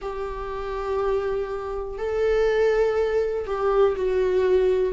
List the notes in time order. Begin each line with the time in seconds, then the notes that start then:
0.01 G4
1.98 A4
3.46 G4
3.96 F#4